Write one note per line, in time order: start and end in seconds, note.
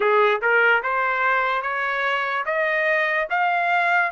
0.00 0.41 G#4
0.41 0.82 A#4
0.83 1.62 C5
1.62 2.44 C#5
2.45 3.27 D#5
3.30 4.11 F5